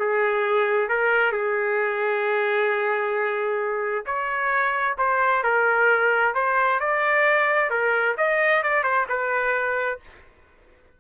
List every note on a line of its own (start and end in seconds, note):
0.00 0.89 G#4
0.89 1.33 A#4
1.33 4.05 G#4
4.06 4.97 C#5
4.98 5.44 C5
5.44 6.35 A#4
6.35 6.80 C5
6.80 7.71 D5
7.71 8.16 A#4
8.18 8.63 D#5
8.63 8.84 D5
8.84 9.06 C5
9.09 10.00 B4